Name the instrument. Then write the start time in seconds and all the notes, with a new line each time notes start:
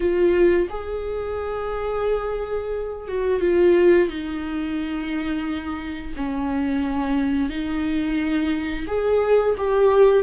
viola
0.00 F4
0.69 G#4
3.08 F#4
3.40 F4
4.08 D#4
6.16 C#4
7.49 D#4
8.87 G#4
9.57 G4